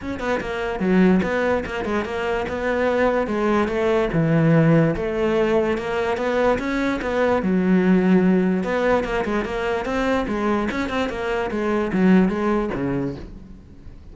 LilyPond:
\new Staff \with { instrumentName = "cello" } { \time 4/4 \tempo 4 = 146 cis'8 b8 ais4 fis4 b4 | ais8 gis8 ais4 b2 | gis4 a4 e2 | a2 ais4 b4 |
cis'4 b4 fis2~ | fis4 b4 ais8 gis8 ais4 | c'4 gis4 cis'8 c'8 ais4 | gis4 fis4 gis4 cis4 | }